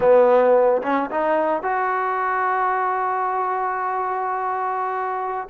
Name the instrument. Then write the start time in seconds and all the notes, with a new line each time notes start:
trombone
0.00 B3
0.82 C#4
1.10 D#4
1.62 F#4